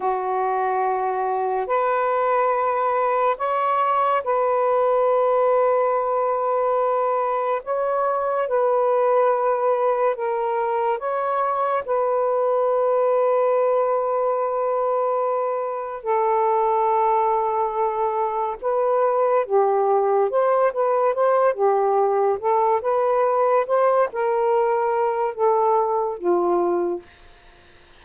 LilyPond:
\new Staff \with { instrumentName = "saxophone" } { \time 4/4 \tempo 4 = 71 fis'2 b'2 | cis''4 b'2.~ | b'4 cis''4 b'2 | ais'4 cis''4 b'2~ |
b'2. a'4~ | a'2 b'4 g'4 | c''8 b'8 c''8 g'4 a'8 b'4 | c''8 ais'4. a'4 f'4 | }